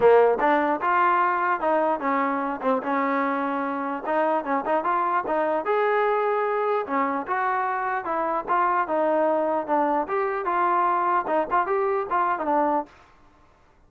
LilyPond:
\new Staff \with { instrumentName = "trombone" } { \time 4/4 \tempo 4 = 149 ais4 d'4 f'2 | dis'4 cis'4. c'8 cis'4~ | cis'2 dis'4 cis'8 dis'8 | f'4 dis'4 gis'2~ |
gis'4 cis'4 fis'2 | e'4 f'4 dis'2 | d'4 g'4 f'2 | dis'8 f'8 g'4 f'8. dis'16 d'4 | }